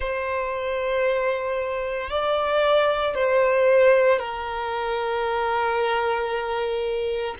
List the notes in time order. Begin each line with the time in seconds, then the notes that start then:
0.00 C5
2.10 D5
3.14 C5
4.19 A#4